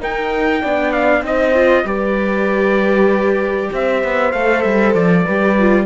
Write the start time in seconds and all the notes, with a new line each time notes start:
0.00 D#4 A#4 G5
0.62 B3 D4 D5
0.93 F5
1.22 C4 D#4 C5 D#5
1.55 F4
1.84 G3 G4 B4 D5
3.73 C4 C5 E5
4.04 B3
4.32 A3 A4 F5
4.62 G3 E5
4.95 F3 D5
5.24 G3 G4 B4
5.59 F4